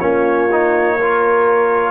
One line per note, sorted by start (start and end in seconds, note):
0.00 1.91 A#3
0.00 0.49 C#4
0.00 0.97 F4
0.00 1.91 C#5
0.52 1.00 D#4
0.97 1.91 F4
0.97 1.91 A#4